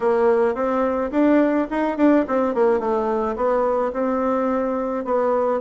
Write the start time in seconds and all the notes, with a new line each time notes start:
0.00 A#3
0.54 C4
1.11 D4
1.70 D#4
1.97 D4
2.27 C4
2.54 A#3
2.79 A3
3.36 B3
3.93 C4
5.04 B3